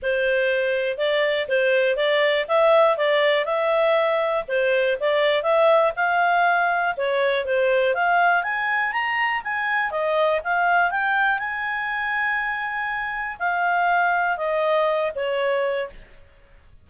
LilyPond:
\new Staff \with { instrumentName = "clarinet" } { \time 4/4 \tempo 4 = 121 c''2 d''4 c''4 | d''4 e''4 d''4 e''4~ | e''4 c''4 d''4 e''4 | f''2 cis''4 c''4 |
f''4 gis''4 ais''4 gis''4 | dis''4 f''4 g''4 gis''4~ | gis''2. f''4~ | f''4 dis''4. cis''4. | }